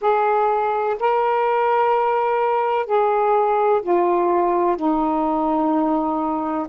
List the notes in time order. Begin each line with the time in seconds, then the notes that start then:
0.01 G#4
0.99 A#4
2.86 G#4
3.82 F4
4.76 D#4